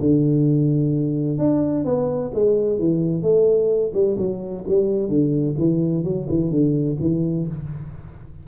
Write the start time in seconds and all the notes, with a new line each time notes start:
0.00 D3
1.38 D4
1.85 B3
2.34 G#3
2.79 E3
3.23 A3
3.94 G3
4.18 F#3
4.68 G3
5.09 D3
5.59 E3
6.04 F#3
6.29 E3
6.51 D3
7.01 E3